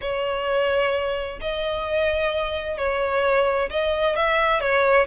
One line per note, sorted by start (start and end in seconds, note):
0.01 1.39 C#5
1.41 2.77 D#5
2.77 3.69 C#5
3.70 4.16 D#5
4.16 4.60 E5
4.60 5.06 C#5